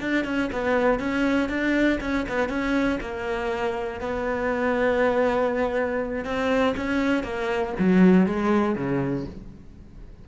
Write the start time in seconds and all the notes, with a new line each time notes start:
0.00 D4
0.25 C#4
0.53 B3
1.00 C#4
1.49 D4
2.01 C#4
2.29 B3
2.49 C#4
3.01 A#3
4.01 B3
6.25 C4
6.77 C#4
7.24 A#3
7.79 F#3
8.26 G#3
8.76 C#3